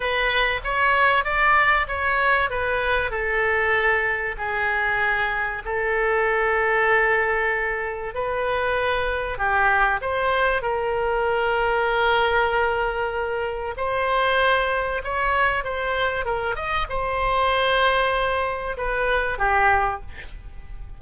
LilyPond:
\new Staff \with { instrumentName = "oboe" } { \time 4/4 \tempo 4 = 96 b'4 cis''4 d''4 cis''4 | b'4 a'2 gis'4~ | gis'4 a'2.~ | a'4 b'2 g'4 |
c''4 ais'2.~ | ais'2 c''2 | cis''4 c''4 ais'8 dis''8 c''4~ | c''2 b'4 g'4 | }